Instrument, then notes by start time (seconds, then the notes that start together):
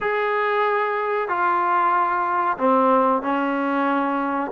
trombone
0.00 G#4
1.28 F4
2.57 C4
3.22 C#4